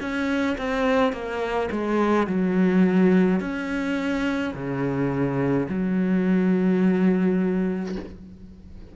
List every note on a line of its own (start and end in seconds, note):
0.00 0.57 C#4
0.58 1.13 C4
1.13 1.69 A#3
1.71 2.27 G#3
2.27 3.40 F#3
3.40 4.53 C#4
4.54 5.67 C#3
5.69 7.95 F#3